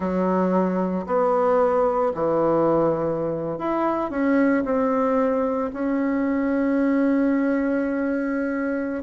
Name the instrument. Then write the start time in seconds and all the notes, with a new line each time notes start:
bassoon
0.00 F#3
1.06 B3
2.14 E3
3.58 E4
4.10 C#4
4.64 C4
5.73 C#4